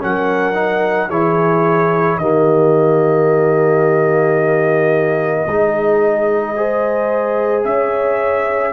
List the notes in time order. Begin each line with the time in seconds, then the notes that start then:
0.00 F#3 C#4 A#4 F#5
0.54 D#4
1.07 E3 E4 G#4 C#5
2.18 D#3 A#3 G4 D#5
5.47 G#3 D#4 G#4
6.55 G#4 C5
7.65 C#4 C#5 E5